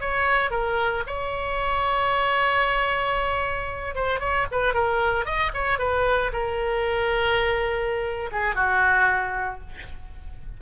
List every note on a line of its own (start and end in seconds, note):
0.00 0.51 C#5
0.51 1.03 A#4
1.07 3.95 C#5
3.95 4.20 C5
4.20 4.46 C#5
4.51 4.74 B4
4.74 5.25 A#4
5.25 5.51 D#5
5.54 5.78 C#5
5.78 6.31 B4
6.33 8.30 A#4
8.32 8.55 G#4
8.55 9.60 F#4